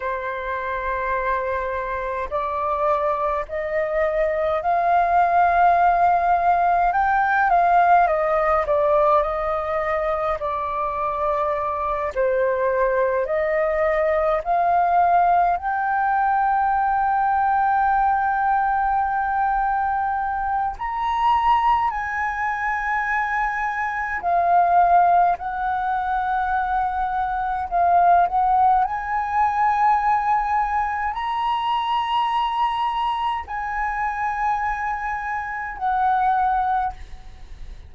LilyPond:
\new Staff \with { instrumentName = "flute" } { \time 4/4 \tempo 4 = 52 c''2 d''4 dis''4 | f''2 g''8 f''8 dis''8 d''8 | dis''4 d''4. c''4 dis''8~ | dis''8 f''4 g''2~ g''8~ |
g''2 ais''4 gis''4~ | gis''4 f''4 fis''2 | f''8 fis''8 gis''2 ais''4~ | ais''4 gis''2 fis''4 | }